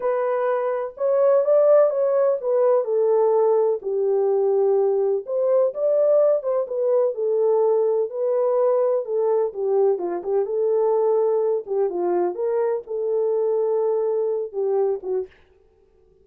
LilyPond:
\new Staff \with { instrumentName = "horn" } { \time 4/4 \tempo 4 = 126 b'2 cis''4 d''4 | cis''4 b'4 a'2 | g'2. c''4 | d''4. c''8 b'4 a'4~ |
a'4 b'2 a'4 | g'4 f'8 g'8 a'2~ | a'8 g'8 f'4 ais'4 a'4~ | a'2~ a'8 g'4 fis'8 | }